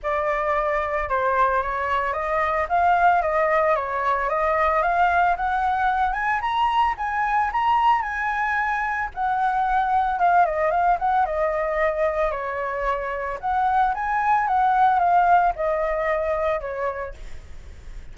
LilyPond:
\new Staff \with { instrumentName = "flute" } { \time 4/4 \tempo 4 = 112 d''2 c''4 cis''4 | dis''4 f''4 dis''4 cis''4 | dis''4 f''4 fis''4. gis''8 | ais''4 gis''4 ais''4 gis''4~ |
gis''4 fis''2 f''8 dis''8 | f''8 fis''8 dis''2 cis''4~ | cis''4 fis''4 gis''4 fis''4 | f''4 dis''2 cis''4 | }